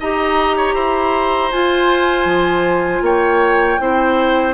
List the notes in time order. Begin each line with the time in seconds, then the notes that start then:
0.00 D#4 G4 D#5 A#5
0.57 C#5
0.74 E4 C5
1.52 F4 G#5
2.25 F3
3.01 A#3 C#5 G5
3.79 C4 E4 C5